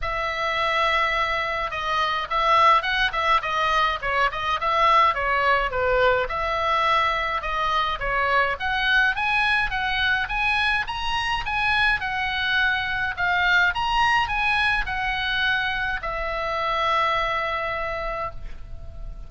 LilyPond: \new Staff \with { instrumentName = "oboe" } { \time 4/4 \tempo 4 = 105 e''2. dis''4 | e''4 fis''8 e''8 dis''4 cis''8 dis''8 | e''4 cis''4 b'4 e''4~ | e''4 dis''4 cis''4 fis''4 |
gis''4 fis''4 gis''4 ais''4 | gis''4 fis''2 f''4 | ais''4 gis''4 fis''2 | e''1 | }